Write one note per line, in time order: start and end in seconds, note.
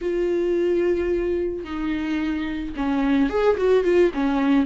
0.01 1.64 F4
1.64 2.74 D#4
2.76 3.29 C#4
3.29 3.57 G#4
3.57 3.84 F#4
3.84 4.11 F4
4.13 4.66 C#4